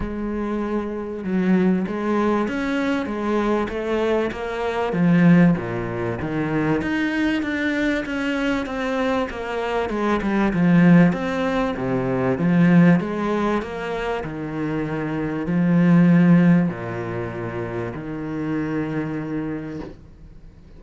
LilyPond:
\new Staff \with { instrumentName = "cello" } { \time 4/4 \tempo 4 = 97 gis2 fis4 gis4 | cis'4 gis4 a4 ais4 | f4 ais,4 dis4 dis'4 | d'4 cis'4 c'4 ais4 |
gis8 g8 f4 c'4 c4 | f4 gis4 ais4 dis4~ | dis4 f2 ais,4~ | ais,4 dis2. | }